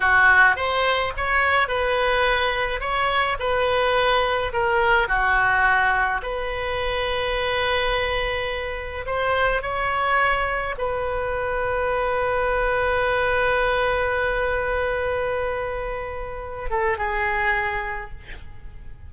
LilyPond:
\new Staff \with { instrumentName = "oboe" } { \time 4/4 \tempo 4 = 106 fis'4 c''4 cis''4 b'4~ | b'4 cis''4 b'2 | ais'4 fis'2 b'4~ | b'1 |
c''4 cis''2 b'4~ | b'1~ | b'1~ | b'4. a'8 gis'2 | }